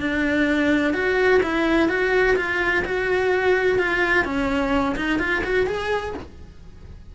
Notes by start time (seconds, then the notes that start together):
0.00 D4
0.94 F#4
1.43 E4
1.89 F#4
2.37 F4
2.85 F#4
3.79 F4
4.25 C#4
4.96 D#4
5.19 F4
5.44 F#4
5.67 G#4